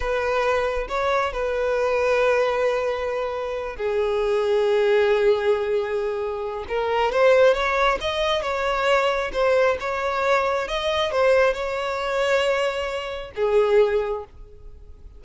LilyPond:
\new Staff \with { instrumentName = "violin" } { \time 4/4 \tempo 4 = 135 b'2 cis''4 b'4~ | b'1~ | b'8 gis'2.~ gis'8~ | gis'2. ais'4 |
c''4 cis''4 dis''4 cis''4~ | cis''4 c''4 cis''2 | dis''4 c''4 cis''2~ | cis''2 gis'2 | }